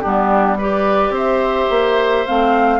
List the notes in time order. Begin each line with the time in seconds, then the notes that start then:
0.00 G3 B3 D4 G4
0.58 G4 B4 D5
1.10 C4 C5
1.17 E5
1.70 A#3
2.27 A3 C4 F5